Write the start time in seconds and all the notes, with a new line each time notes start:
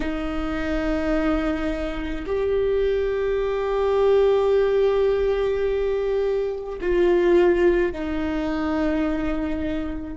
0.00 D#4
2.26 G4
6.81 F4
7.92 D#4